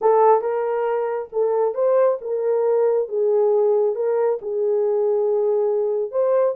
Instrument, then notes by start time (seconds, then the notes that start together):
horn
0.01 A4
0.41 A#4
1.32 A4
1.74 C5
2.21 A#4
3.08 G#4
3.95 A#4
4.41 G#4
6.11 C5